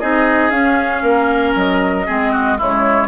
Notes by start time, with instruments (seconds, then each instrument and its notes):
0.00 bassoon C4, clarinet D#4, oboe G#4, flute D#5
0.50 clarinet C#4, bassoon C#4, flute F5
1.02 bassoon A#3, oboe A#4
1.55 bassoon F#3, flute D#5
2.06 bassoon G#3, clarinet C4, oboe G#4
2.32 oboe F#4
2.58 bassoon C#3, clarinet G#3, oboe E4, flute C#5